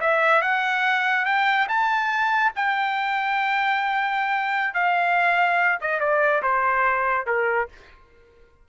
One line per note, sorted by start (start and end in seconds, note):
0.00 0.41 E5
0.41 1.25 F#5
1.25 1.67 G5
1.68 2.52 A5
2.55 4.74 G5
4.74 5.78 F5
5.80 6.00 D#5
6.00 6.42 D5
6.42 7.26 C5
7.26 7.68 A#4